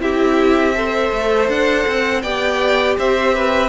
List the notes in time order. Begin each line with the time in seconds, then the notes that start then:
0.00 C4 E4 G4 E5
0.75 A4 C5
1.12 A3
1.49 D4 F#5
1.87 C4
2.22 B3 G4 D5 G5
2.98 C4 C5 E5
3.35 B4